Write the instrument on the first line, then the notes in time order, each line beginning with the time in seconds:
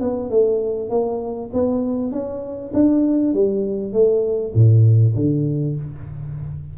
tuba
0.00 B3
0.30 A3
0.89 A#3
1.53 B3
2.11 C#4
2.74 D4
3.33 G3
3.92 A3
4.54 A2
5.15 D3